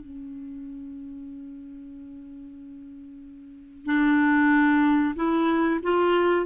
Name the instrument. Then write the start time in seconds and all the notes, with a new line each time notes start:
clarinet
0.00 C#4
3.86 D4
5.15 E4
5.82 F4